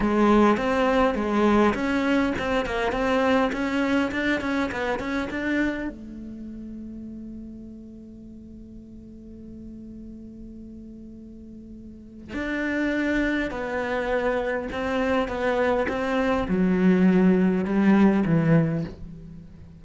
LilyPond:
\new Staff \with { instrumentName = "cello" } { \time 4/4 \tempo 4 = 102 gis4 c'4 gis4 cis'4 | c'8 ais8 c'4 cis'4 d'8 cis'8 | b8 cis'8 d'4 a2~ | a1~ |
a1~ | a4 d'2 b4~ | b4 c'4 b4 c'4 | fis2 g4 e4 | }